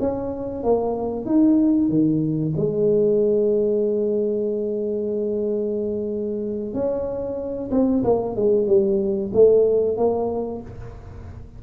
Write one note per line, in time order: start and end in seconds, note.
0.00 0.64 C#4
0.64 1.26 A#3
1.26 1.89 D#4
1.89 2.54 D#3
2.57 6.74 G#3
6.74 7.70 C#4
7.71 8.03 C4
8.04 8.36 A#3
8.36 8.67 G#3
8.67 9.31 G3
9.33 9.97 A3
9.97 10.62 A#3